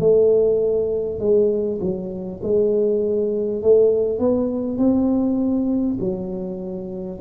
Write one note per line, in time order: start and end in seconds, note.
0.00 1.19 A3
1.19 1.79 G#3
1.81 2.41 F#3
2.43 3.62 G#3
3.62 4.19 A3
4.19 4.78 B3
4.78 5.98 C4
6.00 7.20 F#3